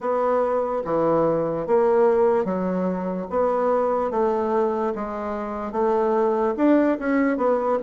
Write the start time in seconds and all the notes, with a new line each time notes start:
0.00 B3
0.84 E3
1.67 A#3
2.44 F#3
3.30 B3
4.11 A3
4.95 G#3
5.72 A3
6.56 D4
6.99 C#4
7.37 B3